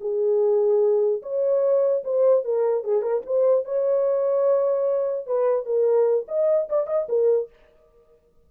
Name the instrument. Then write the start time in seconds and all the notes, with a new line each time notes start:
horn
0.00 G#4
1.22 C#5
2.04 C5
2.44 A#4
2.84 G#4
3.01 A#4
3.26 C5
3.64 C#5
5.26 B4
5.65 A#4
6.27 D#5
6.69 D5
6.86 D#5
7.09 A#4